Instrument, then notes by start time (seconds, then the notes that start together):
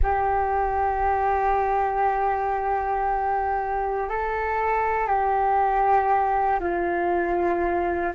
flute
0.02 G4
4.09 A4
5.07 G4
6.60 F4